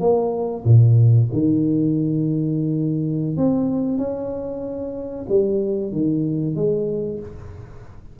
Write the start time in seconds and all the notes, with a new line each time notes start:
0.00 A#3
0.65 A#2
1.33 D#3
3.37 C4
3.98 C#4
5.29 G3
5.92 D#3
6.56 G#3